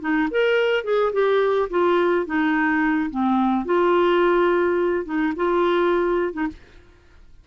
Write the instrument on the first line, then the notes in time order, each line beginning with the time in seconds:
clarinet
0.00 D#4
0.30 A#4
0.84 G#4
1.12 G4
1.69 F4
2.26 D#4
3.10 C4
3.65 F4
5.05 D#4
5.36 F4
6.33 D#4